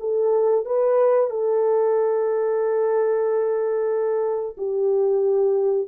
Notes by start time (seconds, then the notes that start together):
0.00 A4
0.65 B4
1.30 A4
4.57 G4